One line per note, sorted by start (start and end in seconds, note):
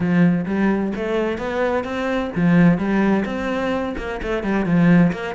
0.00 0.45 F3
0.45 0.92 G3
0.95 1.38 A3
1.38 1.84 B3
1.84 2.30 C4
2.35 2.77 F3
2.77 3.24 G3
3.25 3.95 C4
3.97 4.21 A#3
4.22 4.43 A3
4.43 4.65 G3
4.65 5.12 F3
5.12 5.35 A#3